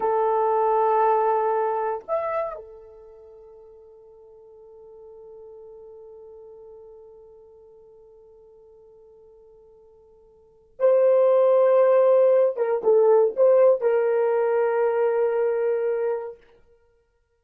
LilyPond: \new Staff \with { instrumentName = "horn" } { \time 4/4 \tempo 4 = 117 a'1 | e''4 a'2.~ | a'1~ | a'1~ |
a'1~ | a'4 c''2.~ | c''8 ais'8 a'4 c''4 ais'4~ | ais'1 | }